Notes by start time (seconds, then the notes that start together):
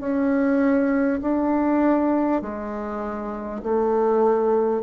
0.00 C#4
1.21 D4
2.41 G#3
3.63 A3